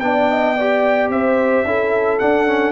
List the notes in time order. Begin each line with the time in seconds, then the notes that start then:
0.00 B3 D4 D5 G5
0.30 D#5
0.57 G4 D5
1.09 C4 C5 E5
1.64 C#4 E4 A4
2.19 D4 F#5
2.47 C#4